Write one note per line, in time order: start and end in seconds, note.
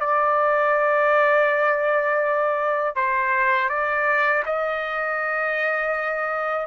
0.00 2.96 D5
2.96 3.69 C5
3.69 4.43 D5
4.46 6.67 D#5